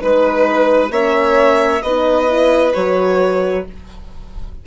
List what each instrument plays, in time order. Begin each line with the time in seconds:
0.00 bassoon G#3, horn D#4, violin B4
0.91 bassoon A#3, horn C#4, violin C#5 E5
1.82 bassoon B3, horn D#4, violin B4 D#5
2.28 horn E4
2.74 bassoon F#3, horn F#4, violin C#5